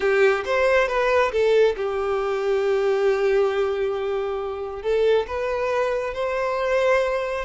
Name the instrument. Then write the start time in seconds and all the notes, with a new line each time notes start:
violin
0.00 G4
0.45 C5
0.88 B4
1.32 A4
1.76 G4
4.82 A4
5.27 B4
6.14 C5